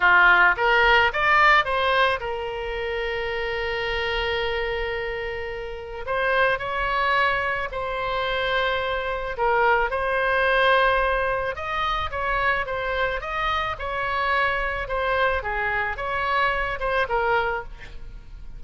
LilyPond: \new Staff \with { instrumentName = "oboe" } { \time 4/4 \tempo 4 = 109 f'4 ais'4 d''4 c''4 | ais'1~ | ais'2. c''4 | cis''2 c''2~ |
c''4 ais'4 c''2~ | c''4 dis''4 cis''4 c''4 | dis''4 cis''2 c''4 | gis'4 cis''4. c''8 ais'4 | }